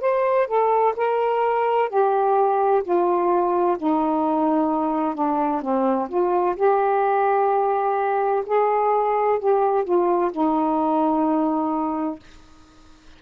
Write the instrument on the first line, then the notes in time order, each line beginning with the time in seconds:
saxophone
0.00 C5
0.47 A4
0.96 A#4
1.89 G4
2.83 F4
3.78 D#4
5.14 D4
5.61 C4
6.08 F4
6.55 G4
8.45 G#4
9.39 G4
9.84 F4
10.31 D#4